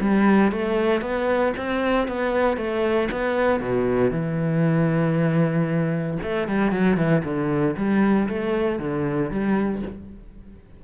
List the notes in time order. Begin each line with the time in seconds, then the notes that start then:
0.00 G3
0.51 A3
1.01 B3
1.57 C4
2.07 B3
2.57 A3
3.11 B3
3.60 B2
4.11 E3
6.23 A3
6.48 G3
6.71 F#3
6.97 E3
7.24 D3
7.76 G3
8.28 A3
8.79 D3
9.30 G3